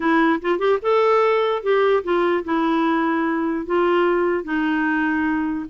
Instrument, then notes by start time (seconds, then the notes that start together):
clarinet
0.00 E4
0.41 F4
0.58 G4
0.81 A4
1.62 G4
2.03 F4
2.44 E4
3.66 F4
4.43 D#4